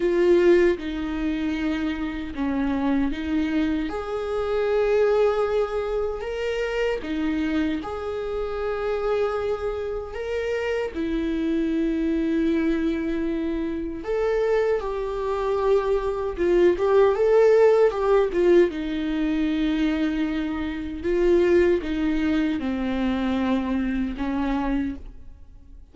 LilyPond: \new Staff \with { instrumentName = "viola" } { \time 4/4 \tempo 4 = 77 f'4 dis'2 cis'4 | dis'4 gis'2. | ais'4 dis'4 gis'2~ | gis'4 ais'4 e'2~ |
e'2 a'4 g'4~ | g'4 f'8 g'8 a'4 g'8 f'8 | dis'2. f'4 | dis'4 c'2 cis'4 | }